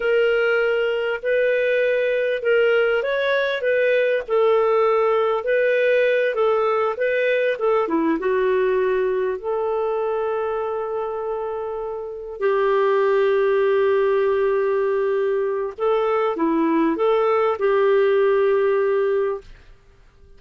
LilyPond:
\new Staff \with { instrumentName = "clarinet" } { \time 4/4 \tempo 4 = 99 ais'2 b'2 | ais'4 cis''4 b'4 a'4~ | a'4 b'4. a'4 b'8~ | b'8 a'8 e'8 fis'2 a'8~ |
a'1~ | a'8 g'2.~ g'8~ | g'2 a'4 e'4 | a'4 g'2. | }